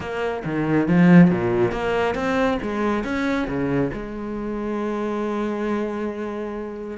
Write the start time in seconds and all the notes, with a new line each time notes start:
0.00 A#3
0.44 D#3
0.88 F3
1.30 A#2
1.71 A#3
2.15 C4
2.62 G#3
3.04 C#4
3.47 C#3
3.93 G#3